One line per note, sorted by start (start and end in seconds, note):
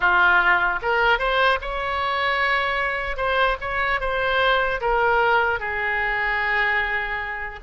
0.00 0.79 F4
0.82 1.19 A#4
1.19 1.59 C5
1.61 3.16 C#5
3.16 3.56 C5
3.60 4.00 C#5
4.00 4.80 C5
4.80 5.59 A#4
5.59 7.59 G#4